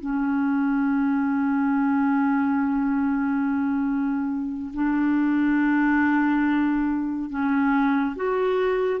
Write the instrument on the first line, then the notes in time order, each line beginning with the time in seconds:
clarinet
0.00 C#4
4.73 D4
7.29 C#4
8.15 F#4